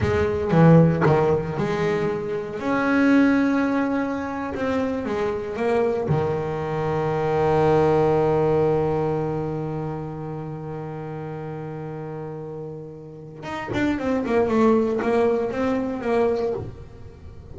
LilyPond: \new Staff \with { instrumentName = "double bass" } { \time 4/4 \tempo 4 = 116 gis4 e4 dis4 gis4~ | gis4 cis'2.~ | cis'8. c'4 gis4 ais4 dis16~ | dis1~ |
dis1~ | dis1~ | dis2 dis'8 d'8 c'8 ais8 | a4 ais4 c'4 ais4 | }